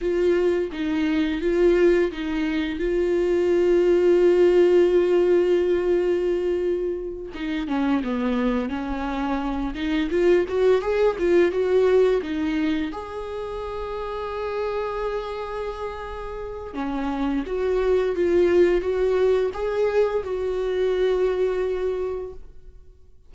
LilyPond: \new Staff \with { instrumentName = "viola" } { \time 4/4 \tempo 4 = 86 f'4 dis'4 f'4 dis'4 | f'1~ | f'2~ f'8 dis'8 cis'8 b8~ | b8 cis'4. dis'8 f'8 fis'8 gis'8 |
f'8 fis'4 dis'4 gis'4.~ | gis'1 | cis'4 fis'4 f'4 fis'4 | gis'4 fis'2. | }